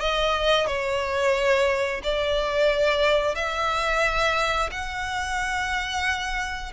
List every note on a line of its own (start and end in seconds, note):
0.00 0.66 D#5
0.66 2.01 C#5
2.03 3.35 D5
3.35 4.70 E5
4.71 6.72 F#5